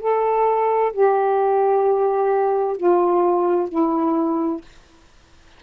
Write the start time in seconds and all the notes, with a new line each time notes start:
0.00 A4
0.93 G4
2.77 F4
3.69 E4